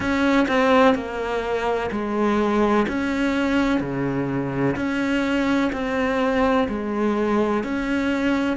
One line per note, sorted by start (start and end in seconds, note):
0.00 0.46 C#4
0.48 0.94 C4
0.94 1.90 A#3
1.91 2.86 G#3
2.88 3.80 C#4
3.80 4.75 C#3
4.76 5.71 C#4
5.72 6.67 C4
6.68 7.63 G#3
7.63 8.56 C#4